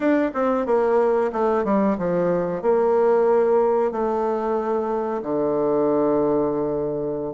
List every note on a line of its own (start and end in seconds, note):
0.00 0.31 D4
0.34 0.66 C4
0.66 1.31 A#3
1.32 1.64 A3
1.64 1.97 G3
1.97 2.61 F3
2.61 3.91 A#3
3.91 5.22 A3
5.22 7.34 D3